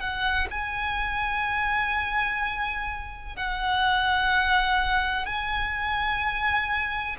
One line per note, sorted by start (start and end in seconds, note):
0.00 0.48 F#5
0.51 3.36 G#5
3.36 5.26 F#5
5.26 7.16 G#5